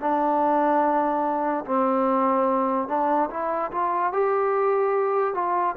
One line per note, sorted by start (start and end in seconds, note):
0.00 1.64 D4
1.65 2.88 C4
2.88 3.29 D4
3.30 3.71 E4
3.71 4.12 F4
4.12 5.34 G4
5.34 5.75 F4